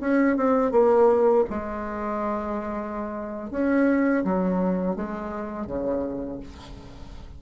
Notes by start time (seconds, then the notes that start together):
0.00 C#4
0.36 C4
0.71 A#3
1.50 G#3
3.51 C#4
4.24 F#3
4.96 G#3
5.66 C#3